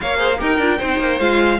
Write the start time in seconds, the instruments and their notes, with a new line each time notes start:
0.00 cello A#3, viola A#4, violin C#5 F5
0.17 viola G#4, violin C5
0.37 cello D#4, viola G4, violin A#4
0.44 violin G5
0.58 cello D4, viola F4
0.78 cello C4, viola D#4, violin C5
0.99 cello A#3
1.19 cello G#3, viola F4, violin F5